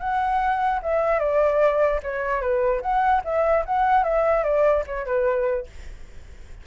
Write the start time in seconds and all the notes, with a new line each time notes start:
0.00 F#5
0.83 E5
1.20 D5
2.03 C#5
2.41 B4
2.82 F#5
3.25 E5
3.66 F#5
4.04 E5
4.44 D5
4.87 C#5
5.06 B4